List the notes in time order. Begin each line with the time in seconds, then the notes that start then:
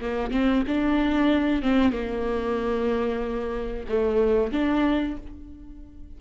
0.00 A#3
0.31 C4
0.67 D4
1.62 C4
1.92 A#3
3.89 A3
4.52 D4